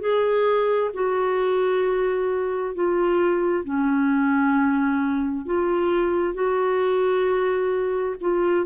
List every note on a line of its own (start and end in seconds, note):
0.00 0.91 G#4
0.93 2.75 F#4
2.75 3.64 F4
3.64 5.45 C#4
5.45 6.34 F4
6.34 8.16 F#4
8.21 8.66 F4